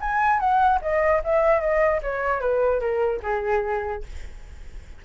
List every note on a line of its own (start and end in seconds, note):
0.00 0.39 G#5
0.39 0.79 F#5
0.81 1.22 D#5
1.24 1.60 E5
1.60 2.00 D#5
2.02 2.40 C#5
2.40 2.80 B4
2.80 3.20 A#4
3.22 4.03 G#4